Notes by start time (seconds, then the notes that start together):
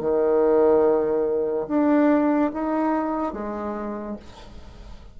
0.00 D#3
1.67 D4
2.53 D#4
3.33 G#3